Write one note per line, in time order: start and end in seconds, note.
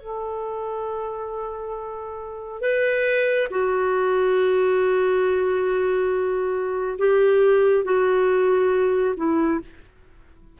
0.00 2.61 A4
2.61 3.48 B4
3.50 6.98 F#4
6.98 7.85 G4
7.85 9.15 F#4
9.16 9.60 E4